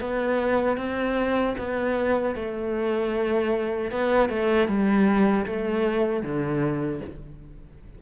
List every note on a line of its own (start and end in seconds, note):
0.00 0.77 B3
0.77 1.55 C4
1.58 2.35 B3
2.35 3.91 A3
3.91 4.29 B3
4.29 4.68 A3
4.68 5.45 G3
5.46 6.23 A3
6.23 7.01 D3